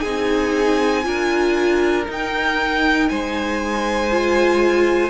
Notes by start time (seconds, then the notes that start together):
0.00 C4 D#4 G#4 G#5
1.03 D4 F4 A#4
2.08 D#4 G5
3.09 G#3 C5 G#5
4.11 F4